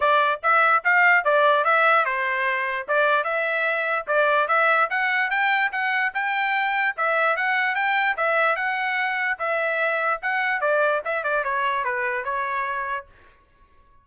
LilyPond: \new Staff \with { instrumentName = "trumpet" } { \time 4/4 \tempo 4 = 147 d''4 e''4 f''4 d''4 | e''4 c''2 d''4 | e''2 d''4 e''4 | fis''4 g''4 fis''4 g''4~ |
g''4 e''4 fis''4 g''4 | e''4 fis''2 e''4~ | e''4 fis''4 d''4 e''8 d''8 | cis''4 b'4 cis''2 | }